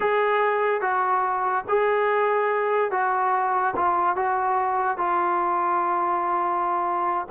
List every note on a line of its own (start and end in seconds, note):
0.00 0.81 G#4
0.81 1.64 F#4
1.68 2.91 G#4
2.91 3.74 F#4
3.76 4.16 F4
4.16 4.97 F#4
4.97 7.27 F4